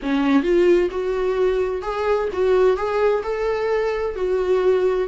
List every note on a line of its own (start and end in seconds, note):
0.02 0.43 C#4
0.43 0.89 F4
0.90 1.82 F#4
1.82 2.28 G#4
2.32 2.76 F#4
2.76 3.22 G#4
3.23 4.15 A4
4.15 5.08 F#4